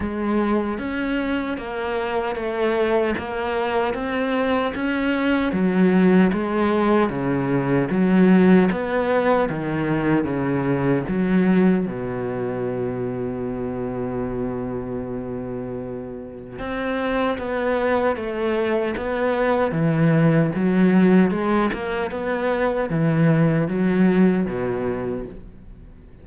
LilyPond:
\new Staff \with { instrumentName = "cello" } { \time 4/4 \tempo 4 = 76 gis4 cis'4 ais4 a4 | ais4 c'4 cis'4 fis4 | gis4 cis4 fis4 b4 | dis4 cis4 fis4 b,4~ |
b,1~ | b,4 c'4 b4 a4 | b4 e4 fis4 gis8 ais8 | b4 e4 fis4 b,4 | }